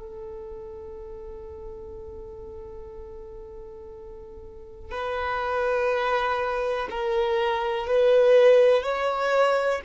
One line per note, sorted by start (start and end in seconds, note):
0.00 4.91 A4
4.91 6.88 B4
6.91 7.87 A#4
7.87 8.83 B4
8.83 9.81 C#5